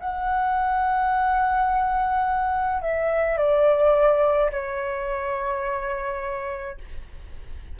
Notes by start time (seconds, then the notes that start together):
0.00 F#5
2.82 E5
3.38 D5
4.52 C#5